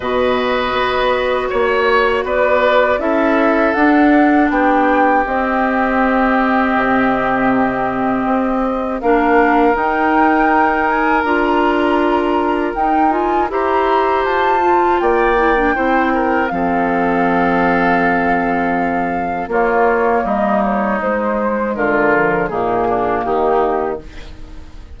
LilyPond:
<<
  \new Staff \with { instrumentName = "flute" } { \time 4/4 \tempo 4 = 80 dis''2 cis''4 d''4 | e''4 fis''4 g''4 dis''4~ | dis''1 | f''4 g''4. gis''8 ais''4~ |
ais''4 g''8 gis''8 ais''4 a''4 | g''2 f''2~ | f''2 cis''4 dis''8 cis''8 | c''4 ais'4 gis'4 g'4 | }
  \new Staff \with { instrumentName = "oboe" } { \time 4/4 b'2 cis''4 b'4 | a'2 g'2~ | g'1 | ais'1~ |
ais'2 c''2 | d''4 c''8 ais'8 a'2~ | a'2 f'4 dis'4~ | dis'4 f'4 dis'8 d'8 dis'4 | }
  \new Staff \with { instrumentName = "clarinet" } { \time 4/4 fis'1 | e'4 d'2 c'4~ | c'1 | d'4 dis'2 f'4~ |
f'4 dis'8 f'8 g'4. f'8~ | f'8 e'16 d'16 e'4 c'2~ | c'2 ais2 | gis4. f8 ais2 | }
  \new Staff \with { instrumentName = "bassoon" } { \time 4/4 b,4 b4 ais4 b4 | cis'4 d'4 b4 c'4~ | c'4 c2 c'4 | ais4 dis'2 d'4~ |
d'4 dis'4 e'4 f'4 | ais4 c'4 f2~ | f2 ais4 g4 | gis4 d4 ais,4 dis4 | }
>>